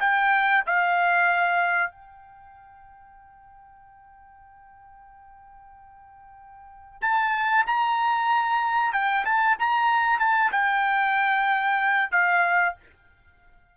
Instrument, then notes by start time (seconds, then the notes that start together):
trumpet
0.00 G5
0.66 F5
1.91 G5
7.01 A5
7.67 A#5
8.92 G5
9.25 A5
9.59 A#5
10.19 A5
10.51 G5
12.11 F5